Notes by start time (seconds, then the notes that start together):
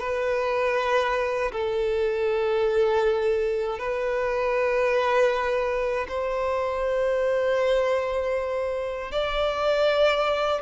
0.00 B4
1.53 A4
3.79 B4
6.09 C5
9.12 D5